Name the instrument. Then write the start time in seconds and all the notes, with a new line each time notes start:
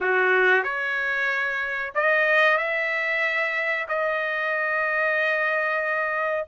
trumpet
0.00 F#4
0.63 C#5
1.94 D#5
2.57 E5
3.88 D#5